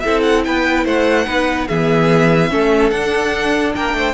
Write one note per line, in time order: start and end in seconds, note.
0.00 1.27 E4
0.00 0.46 A4
0.00 0.21 E5
0.07 0.47 C4
0.23 0.43 F#5
0.45 0.86 B3
0.45 0.85 B4
0.45 0.86 G5
0.85 1.27 A3
0.85 1.26 C5
0.85 1.68 F#5
1.27 1.69 B3
1.27 1.68 D#4
1.27 1.68 B4
1.68 2.52 E3
1.68 2.51 B3
1.68 2.51 G#4
1.68 2.91 E5
2.51 2.92 A3
2.51 2.92 C#4
2.51 3.75 A4
2.91 3.74 D4
2.91 4.14 D4
2.91 3.73 F#5
3.76 3.94 A#3
3.76 3.97 A#4
3.76 4.14 G5
3.94 4.14 A3
3.94 4.14 C5